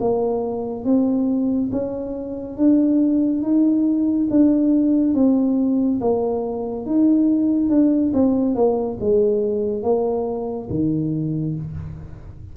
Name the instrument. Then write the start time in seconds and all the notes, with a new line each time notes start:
tuba
0.00 A#3
0.84 C4
1.72 C#4
2.57 D4
3.42 D#4
4.30 D4
5.14 C4
6.00 A#3
6.85 D#4
7.69 D4
8.13 C4
8.54 A#3
9.00 G#3
9.82 A#3
10.69 D#3